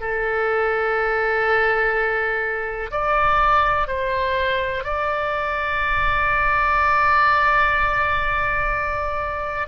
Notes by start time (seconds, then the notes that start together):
0.00 A4
2.91 D5
3.87 C5
4.83 D5